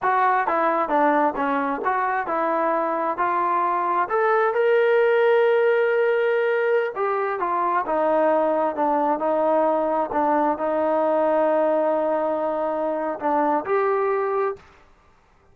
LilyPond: \new Staff \with { instrumentName = "trombone" } { \time 4/4 \tempo 4 = 132 fis'4 e'4 d'4 cis'4 | fis'4 e'2 f'4~ | f'4 a'4 ais'2~ | ais'2.~ ais'16 g'8.~ |
g'16 f'4 dis'2 d'8.~ | d'16 dis'2 d'4 dis'8.~ | dis'1~ | dis'4 d'4 g'2 | }